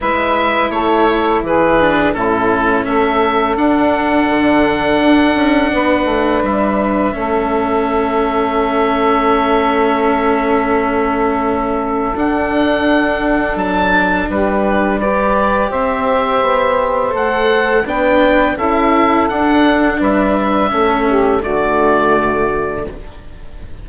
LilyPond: <<
  \new Staff \with { instrumentName = "oboe" } { \time 4/4 \tempo 4 = 84 e''4 cis''4 b'4 a'4 | e''4 fis''2.~ | fis''4 e''2.~ | e''1~ |
e''4 fis''2 a''4 | b'4 d''4 e''2 | fis''4 g''4 e''4 fis''4 | e''2 d''2 | }
  \new Staff \with { instrumentName = "saxophone" } { \time 4/4 b'4 a'4 gis'4 e'4 | a'1 | b'2 a'2~ | a'1~ |
a'1 | g'4 b'4 c''2~ | c''4 b'4 a'2 | b'4 a'8 g'8 fis'2 | }
  \new Staff \with { instrumentName = "cello" } { \time 4/4 e'2~ e'8 d'8 cis'4~ | cis'4 d'2.~ | d'2 cis'2~ | cis'1~ |
cis'4 d'2.~ | d'4 g'2. | a'4 d'4 e'4 d'4~ | d'4 cis'4 a2 | }
  \new Staff \with { instrumentName = "bassoon" } { \time 4/4 gis4 a4 e4 a,4 | a4 d'4 d4 d'8 cis'8 | b8 a8 g4 a2~ | a1~ |
a4 d'2 fis4 | g2 c'4 b4 | a4 b4 cis'4 d'4 | g4 a4 d2 | }
>>